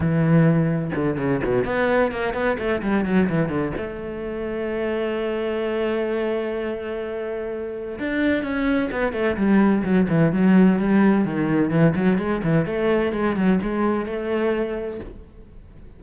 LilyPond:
\new Staff \with { instrumentName = "cello" } { \time 4/4 \tempo 4 = 128 e2 d8 cis8 b,8 b8~ | b8 ais8 b8 a8 g8 fis8 e8 d8 | a1~ | a1~ |
a4 d'4 cis'4 b8 a8 | g4 fis8 e8 fis4 g4 | dis4 e8 fis8 gis8 e8 a4 | gis8 fis8 gis4 a2 | }